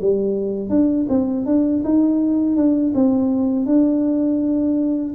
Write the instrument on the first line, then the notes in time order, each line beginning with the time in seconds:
tuba
0.00 G3
0.69 D4
1.09 C4
1.45 D4
1.84 D#4
2.56 D4
2.94 C4
3.66 D4